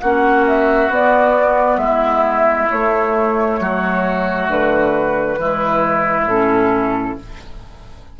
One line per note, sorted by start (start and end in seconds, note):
0.00 0.89 A#3
0.00 0.91 C#4
0.00 1.81 F#4
0.00 0.45 F#5
0.47 0.92 E5
0.89 1.77 B3
0.89 2.69 B3
0.89 1.78 D5
1.77 2.67 G#3
1.77 3.60 E4
1.77 2.67 E5
2.69 5.38 A3
2.69 3.60 A3
2.69 4.49 C#5
3.60 4.48 F#3
3.60 5.40 F#4
4.48 5.38 D3
4.48 6.28 B4
5.38 6.25 E3
5.38 6.28 G#3
5.38 7.19 E4
6.25 7.14 A2
6.25 7.20 C#4
6.25 7.18 A4